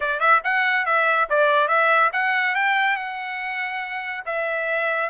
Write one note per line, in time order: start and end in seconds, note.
0.00 0.20 D5
0.20 0.41 E5
0.44 0.85 F#5
0.85 1.28 E5
1.29 1.68 D5
1.68 2.10 E5
2.12 2.55 F#5
2.55 2.96 G5
2.96 4.23 F#5
4.25 5.09 E5